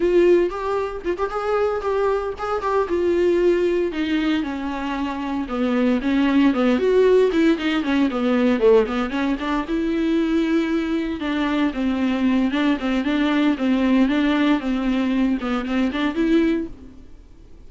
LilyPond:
\new Staff \with { instrumentName = "viola" } { \time 4/4 \tempo 4 = 115 f'4 g'4 f'16 g'16 gis'4 g'8~ | g'8 gis'8 g'8 f'2 dis'8~ | dis'8 cis'2 b4 cis'8~ | cis'8 b8 fis'4 e'8 dis'8 cis'8 b8~ |
b8 a8 b8 cis'8 d'8 e'4.~ | e'4. d'4 c'4. | d'8 c'8 d'4 c'4 d'4 | c'4. b8 c'8 d'8 e'4 | }